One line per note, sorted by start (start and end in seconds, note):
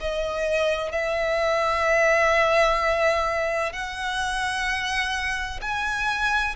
0.00 0.91 D#5
0.91 3.72 E5
3.72 5.60 F#5
5.61 6.55 G#5